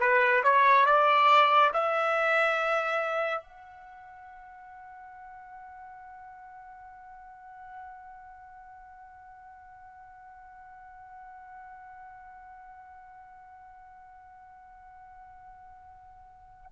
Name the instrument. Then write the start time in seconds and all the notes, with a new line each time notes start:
trumpet
0.00 B4
0.44 C#5
0.86 D5
1.74 E5
3.42 F#5